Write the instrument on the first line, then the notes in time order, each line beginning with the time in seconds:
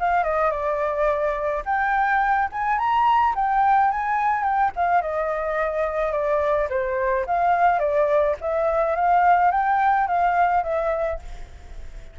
flute
0.00 F5
0.24 D#5
0.51 D5
1.66 G5
2.53 G#5
2.79 A#5
3.35 G5
3.92 G#5
4.44 G5
4.76 F5
5.02 D#5
6.12 D5
6.70 C5
7.27 F5
7.80 D5
8.41 E5
8.96 F5
9.51 G5
10.08 F5
10.64 E5